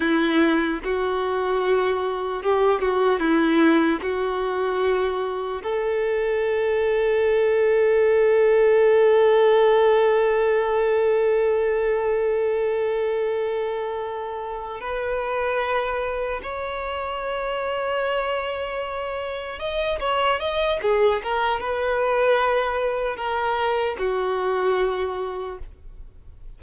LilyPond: \new Staff \with { instrumentName = "violin" } { \time 4/4 \tempo 4 = 75 e'4 fis'2 g'8 fis'8 | e'4 fis'2 a'4~ | a'1~ | a'1~ |
a'2~ a'8 b'4.~ | b'8 cis''2.~ cis''8~ | cis''8 dis''8 cis''8 dis''8 gis'8 ais'8 b'4~ | b'4 ais'4 fis'2 | }